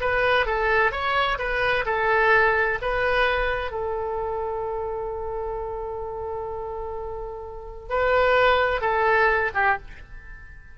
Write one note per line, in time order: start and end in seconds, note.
0.00 0.46 B4
0.46 0.91 A4
0.91 1.38 C#5
1.38 1.84 B4
1.85 2.78 A4
2.81 3.71 B4
3.71 7.89 A4
7.89 8.81 B4
8.81 9.51 A4
9.54 9.77 G4